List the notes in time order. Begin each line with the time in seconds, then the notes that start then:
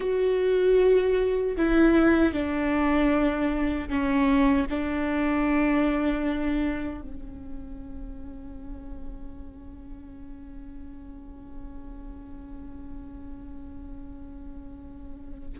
0.00 F#4
1.56 E4
2.33 D4
3.89 C#4
4.70 D4
7.01 C#4